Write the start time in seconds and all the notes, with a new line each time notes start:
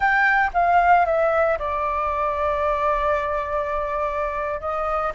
0.00 G5
0.53 F5
1.05 E5
1.58 D5
4.60 D#5